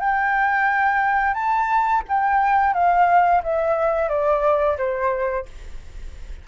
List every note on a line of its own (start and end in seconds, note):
0.00 1.34 G5
1.34 2.02 A5
2.09 2.74 G5
2.74 3.42 F5
3.44 4.09 E5
4.09 4.77 D5
4.78 5.46 C5